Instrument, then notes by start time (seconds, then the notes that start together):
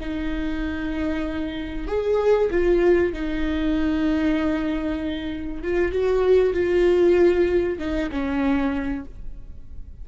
viola
0.00 D#4
1.87 G#4
2.50 F4
3.13 D#4
5.62 F4
5.91 F#4
6.53 F4
7.78 D#4
8.11 C#4